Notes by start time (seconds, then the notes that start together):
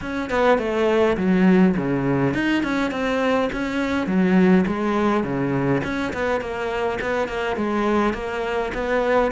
0.01 C#4
0.29 B3
0.58 A3
1.17 F#3
1.77 C#3
2.34 D#4
2.63 C#4
2.91 C4
3.52 C#4
4.06 F#3
4.67 G#3
5.23 C#3
5.83 C#4
6.13 B3
6.40 A#3
7.01 B3
7.28 A#3
7.56 G#3
8.13 A#3
8.74 B3